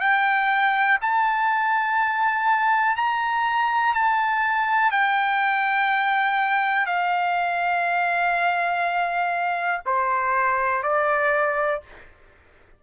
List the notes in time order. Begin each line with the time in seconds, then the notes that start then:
0.00 G5
1.01 A5
2.96 A#5
3.94 A5
4.91 G5
6.86 F5
9.86 C5
10.83 D5